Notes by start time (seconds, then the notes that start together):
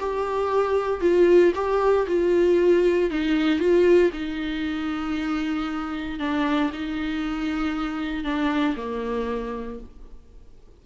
0.00 G4
1.01 F4
1.55 G4
2.07 F4
3.11 D#4
3.60 F4
4.13 D#4
6.20 D4
6.73 D#4
8.25 D4
8.77 A#3